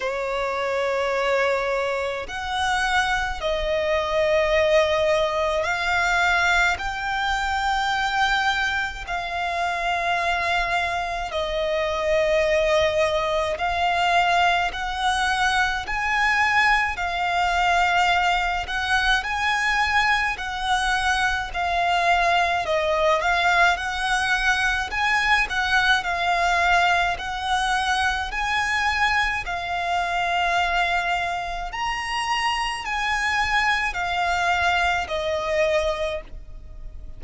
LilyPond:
\new Staff \with { instrumentName = "violin" } { \time 4/4 \tempo 4 = 53 cis''2 fis''4 dis''4~ | dis''4 f''4 g''2 | f''2 dis''2 | f''4 fis''4 gis''4 f''4~ |
f''8 fis''8 gis''4 fis''4 f''4 | dis''8 f''8 fis''4 gis''8 fis''8 f''4 | fis''4 gis''4 f''2 | ais''4 gis''4 f''4 dis''4 | }